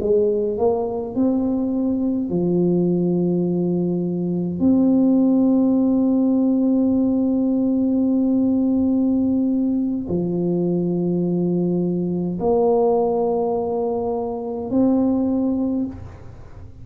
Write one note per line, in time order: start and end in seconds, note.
0.00 0.58 G#3
0.58 1.15 A#3
1.15 2.30 C4
2.30 4.60 F3
4.60 10.08 C4
10.09 12.39 F3
12.40 14.71 A#3
14.71 15.86 C4